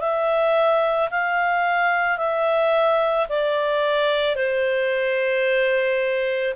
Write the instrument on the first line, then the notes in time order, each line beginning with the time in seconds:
clarinet
0.00 E5
1.10 F5
2.18 E5
3.28 D5
4.35 C5